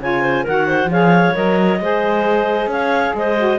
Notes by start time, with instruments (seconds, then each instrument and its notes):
0.00 cello C#3, saxophone F4, clarinet C#5 G#5
0.22 clarinet C5
0.43 cello D#3, saxophone F#4, clarinet A#4 F#5
0.67 clarinet C5
0.85 cello F3, saxophone G#4, clarinet C#5 F5
1.34 cello F#3, saxophone A#4, clarinet D#5
1.79 cello G#3, saxophone G#4, clarinet C5
2.66 cello C#4, clarinet C#5 F5
3.14 cello G#3, clarinet C5 D#5
3.37 saxophone F#4